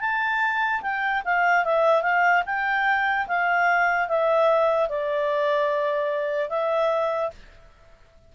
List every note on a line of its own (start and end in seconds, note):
0.00 0.81 A5
0.82 1.22 G5
1.25 1.64 F5
1.64 2.02 E5
2.02 2.43 F5
2.46 3.27 G5
3.27 4.08 F5
4.08 4.89 E5
4.89 6.49 D5
6.49 7.30 E5